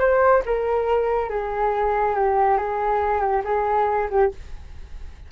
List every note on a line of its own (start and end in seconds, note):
0.00 0.43 C5
0.46 1.30 A#4
1.30 2.16 G#4
2.16 2.58 G4
2.58 3.21 G#4
3.21 3.43 G4
3.45 4.09 G#4
4.10 4.32 G4